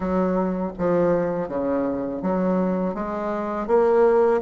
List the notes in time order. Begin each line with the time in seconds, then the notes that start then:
0.00 F#3
0.78 F3
1.48 C#3
2.22 F#3
2.94 G#3
3.67 A#3